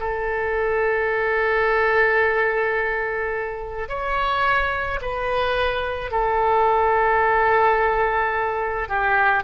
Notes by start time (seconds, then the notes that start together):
0.00 A4
3.89 C#5
5.02 B4
6.12 A4
8.89 G4